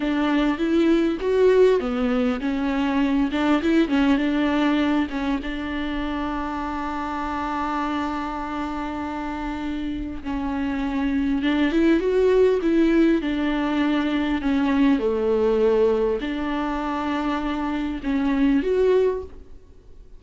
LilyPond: \new Staff \with { instrumentName = "viola" } { \time 4/4 \tempo 4 = 100 d'4 e'4 fis'4 b4 | cis'4. d'8 e'8 cis'8 d'4~ | d'8 cis'8 d'2.~ | d'1~ |
d'4 cis'2 d'8 e'8 | fis'4 e'4 d'2 | cis'4 a2 d'4~ | d'2 cis'4 fis'4 | }